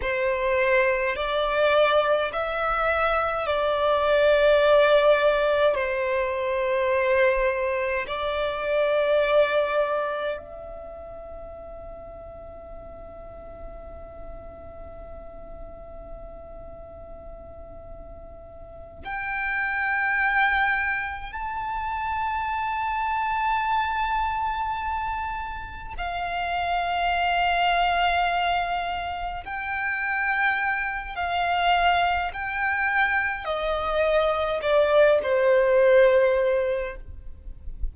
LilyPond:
\new Staff \with { instrumentName = "violin" } { \time 4/4 \tempo 4 = 52 c''4 d''4 e''4 d''4~ | d''4 c''2 d''4~ | d''4 e''2.~ | e''1~ |
e''8 g''2 a''4.~ | a''2~ a''8 f''4.~ | f''4. g''4. f''4 | g''4 dis''4 d''8 c''4. | }